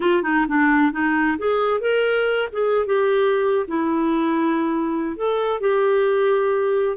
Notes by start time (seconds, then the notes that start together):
0.00 F4
0.22 D#4
0.47 D4
0.92 D#4
1.37 G#4
1.80 A#4
2.52 G#4
2.86 G4
3.67 E4
5.16 A4
5.60 G4